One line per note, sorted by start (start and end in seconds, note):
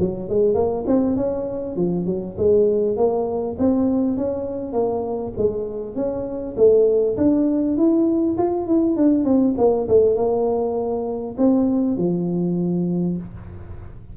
0.00 0.30 F#3
0.30 0.55 G#3
0.55 0.85 A#3
0.87 1.17 C4
1.17 1.76 C#4
1.76 2.06 F3
2.06 2.36 F#3
2.38 2.97 G#3
2.97 3.57 A#3
3.59 4.18 C4
4.18 4.73 C#4
4.73 5.33 A#3
5.38 5.96 G#3
5.96 6.56 C#4
6.57 7.17 A3
7.18 7.78 D4
7.78 8.38 E4
8.38 8.67 F4
8.67 8.97 E4
8.97 9.25 D4
9.25 9.55 C4
9.58 9.88 A#3
9.89 10.16 A3
10.16 11.36 A#3
11.38 11.98 C4
11.98 13.18 F3